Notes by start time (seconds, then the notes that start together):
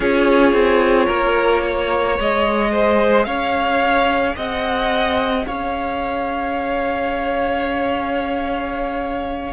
0.00 C#4 F4 G#4 C#5
0.52 C4
1.06 A#3 A#4
1.62 C#5
2.15 G#3 G#4 D#5
2.71 C5
3.25 C#4 C#5 F5
4.36 C4 D#5 F#5
5.45 C#4 C#5 F5